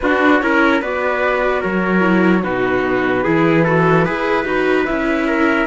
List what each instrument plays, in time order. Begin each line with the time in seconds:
0.00 viola D4, cello D4, trumpet F#4, flute B4
0.39 cello C#4, viola E4, trumpet A#4, flute C#5
0.81 cello B3, viola F#4, trumpet B4, flute D5
1.60 cello F#3, trumpet A#4, flute C#5
2.00 viola E4
2.43 cello B2, viola D#4, trumpet F#4, flute B4
3.23 cello E3, viola E4, trumpet G#4
3.64 viola F#4, trumpet A4
4.04 cello E4, viola G#4, trumpet B4
4.45 cello D#4, viola F#4
4.85 cello C#4, viola E4, flute E5
5.27 trumpet A#4